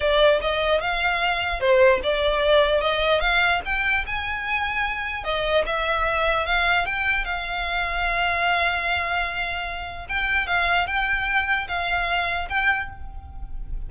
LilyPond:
\new Staff \with { instrumentName = "violin" } { \time 4/4 \tempo 4 = 149 d''4 dis''4 f''2 | c''4 d''2 dis''4 | f''4 g''4 gis''2~ | gis''4 dis''4 e''2 |
f''4 g''4 f''2~ | f''1~ | f''4 g''4 f''4 g''4~ | g''4 f''2 g''4 | }